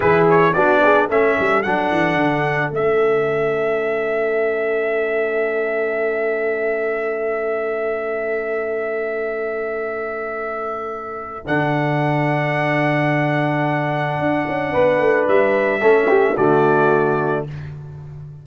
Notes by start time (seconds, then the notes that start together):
0.00 E3 E4 G#4 B4
0.29 C#5
0.53 B3 D4 F#4 D5
0.83 G#4
1.09 A3 C#4 A4 E5
1.39 G3
1.62 F#3 D4 F#5
1.90 E3
2.15 D3
2.71 A3 C#4 E5
11.46 D3 D4 F#5
14.19 D4
14.47 C#4
14.71 B3 B4
14.98 A3
15.27 G3 E5
15.81 A3 C#4 A4
16.07 G4
16.36 D3 A3 F#4 D5